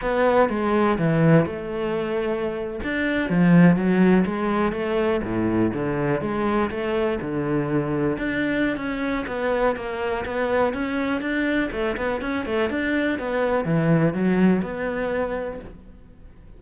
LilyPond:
\new Staff \with { instrumentName = "cello" } { \time 4/4 \tempo 4 = 123 b4 gis4 e4 a4~ | a4.~ a16 d'4 f4 fis16~ | fis8. gis4 a4 a,4 d16~ | d8. gis4 a4 d4~ d16~ |
d8. d'4~ d'16 cis'4 b4 | ais4 b4 cis'4 d'4 | a8 b8 cis'8 a8 d'4 b4 | e4 fis4 b2 | }